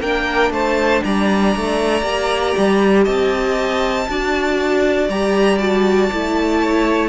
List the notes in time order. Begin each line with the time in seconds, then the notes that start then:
0.00 A#3 D4 A#4 G5
0.50 A3 C5 A5
1.04 G3 D5 A#5
1.56 A3
2.02 A#3 G4
2.57 G3
3.04 C4 D#5 A5
4.08 D4 F#4 D5
5.09 G3 G4 A#5
5.58 F#4 A5
6.12 A3 E4
6.61 C#5